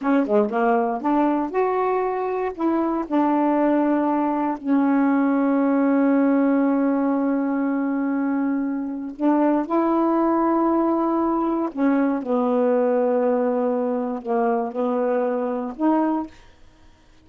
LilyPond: \new Staff \with { instrumentName = "saxophone" } { \time 4/4 \tempo 4 = 118 cis'8 gis8 ais4 d'4 fis'4~ | fis'4 e'4 d'2~ | d'4 cis'2.~ | cis'1~ |
cis'2 d'4 e'4~ | e'2. cis'4 | b1 | ais4 b2 dis'4 | }